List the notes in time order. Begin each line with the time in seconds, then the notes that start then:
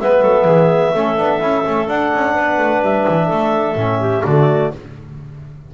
0.00 G#3 B3 B4 E5
0.22 F#3 A4
0.45 E3 G#4
0.94 A3 C#4 A4
1.18 B3 D4
1.40 C#4 E4
1.65 A3 C#4
1.88 D4 F#5
2.13 C#4
2.35 B3 B4
2.59 A3
2.82 G3 E5
3.08 E3
3.28 A3 A4
3.76 A2 C#4
4.00 G4
4.24 D3 A3 F#4 D5